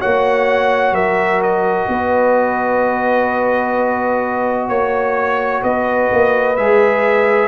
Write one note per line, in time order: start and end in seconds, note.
0.00 0.92 A#3
0.00 6.57 F#4
0.00 0.94 C#5
0.00 0.95 F#5
0.92 1.86 F#3
0.92 1.88 A#4
0.92 1.42 E5
1.43 4.69 D#5
1.88 4.69 B3
1.88 4.69 B4
4.69 5.63 A#3
4.69 5.62 C#5
4.69 5.63 C#5
5.63 6.11 B3
5.63 7.48 B4
5.63 6.56 D#5
6.12 6.58 A#3
6.56 7.48 G#3
6.56 7.48 G#4
6.56 7.48 E5